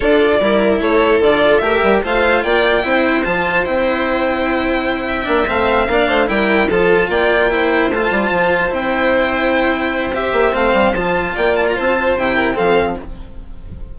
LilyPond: <<
  \new Staff \with { instrumentName = "violin" } { \time 4/4 \tempo 4 = 148 d''2 cis''4 d''4 | e''4 f''4 g''2 | a''4 g''2.~ | g''4. f''2 g''8~ |
g''8 a''4 g''2 a''8~ | a''4. g''2~ g''8~ | g''4 e''4 f''4 a''4 | g''8 a''16 ais''16 a''4 g''4 f''4 | }
  \new Staff \with { instrumentName = "violin" } { \time 4/4 a'4 ais'4 a'2 | ais'4 c''4 d''4 c''4~ | c''1~ | c''8 e''2 d''8 c''8 ais'8~ |
ais'8 a'4 d''4 c''4.~ | c''1~ | c''1 | d''4 c''4. ais'8 a'4 | }
  \new Staff \with { instrumentName = "cello" } { \time 4/4 f'4 e'2 f'4 | g'4 f'2 e'4 | f'4 e'2.~ | e'4 d'8 c'4 d'4 e'8~ |
e'8 f'2 e'4 f'8~ | f'4. e'2~ e'8~ | e'4 g'4 c'4 f'4~ | f'2 e'4 c'4 | }
  \new Staff \with { instrumentName = "bassoon" } { \time 4/4 d'4 g4 a4 d4 | a8 g8 a4 ais4 c'4 | f4 c'2.~ | c'4 ais8 a4 ais8 a8 g8~ |
g8 f4 ais2 a8 | g8 f4 c'2~ c'8~ | c'4. ais8 a8 g8 f4 | ais4 c'4 c4 f4 | }
>>